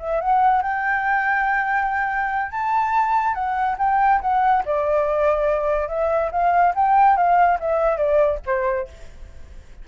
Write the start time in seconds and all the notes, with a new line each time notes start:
0.00 E5
0.21 F#5
0.62 G5
2.52 A5
3.35 F#5
3.79 G5
4.22 F#5
4.66 D5
5.89 E5
6.32 F5
6.75 G5
7.17 F5
7.60 E5
7.97 D5
8.46 C5